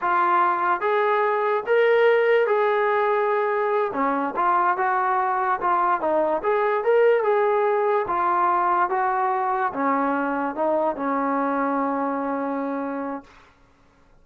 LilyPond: \new Staff \with { instrumentName = "trombone" } { \time 4/4 \tempo 4 = 145 f'2 gis'2 | ais'2 gis'2~ | gis'4. cis'4 f'4 fis'8~ | fis'4. f'4 dis'4 gis'8~ |
gis'8 ais'4 gis'2 f'8~ | f'4. fis'2 cis'8~ | cis'4. dis'4 cis'4.~ | cis'1 | }